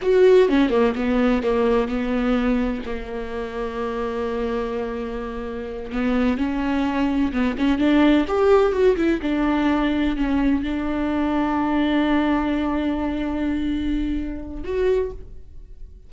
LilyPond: \new Staff \with { instrumentName = "viola" } { \time 4/4 \tempo 4 = 127 fis'4 cis'8 ais8 b4 ais4 | b2 ais2~ | ais1~ | ais8 b4 cis'2 b8 |
cis'8 d'4 g'4 fis'8 e'8 d'8~ | d'4. cis'4 d'4.~ | d'1~ | d'2. fis'4 | }